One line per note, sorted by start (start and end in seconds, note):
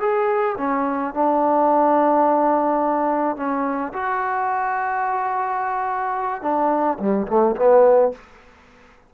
0.00 0.56 G#4
0.58 1.14 C#4
1.14 3.37 D4
3.37 3.93 C#4
3.93 6.42 F#4
6.42 6.98 D4
6.99 7.27 G3
7.28 7.56 A3
7.56 8.12 B3